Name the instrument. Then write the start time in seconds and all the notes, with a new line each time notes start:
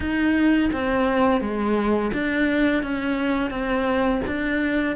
cello
0.00 D#4
0.73 C4
1.41 G#3
2.13 D4
2.82 C#4
3.50 C4
4.26 D4